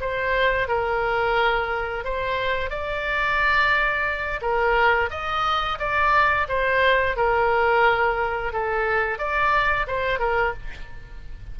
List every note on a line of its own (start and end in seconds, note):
0.00 0.68 C5
0.68 2.04 A#4
2.04 2.70 C5
2.70 4.40 D5
4.41 5.09 A#4
5.10 5.78 D#5
5.79 6.47 D5
6.48 7.16 C5
7.16 8.53 A#4
8.53 9.18 A4
9.18 9.86 D5
9.87 10.19 C5
10.19 10.53 A#4